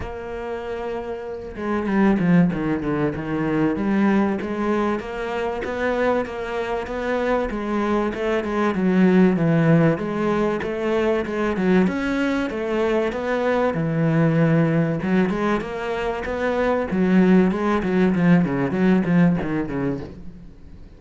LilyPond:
\new Staff \with { instrumentName = "cello" } { \time 4/4 \tempo 4 = 96 ais2~ ais8 gis8 g8 f8 | dis8 d8 dis4 g4 gis4 | ais4 b4 ais4 b4 | gis4 a8 gis8 fis4 e4 |
gis4 a4 gis8 fis8 cis'4 | a4 b4 e2 | fis8 gis8 ais4 b4 fis4 | gis8 fis8 f8 cis8 fis8 f8 dis8 cis8 | }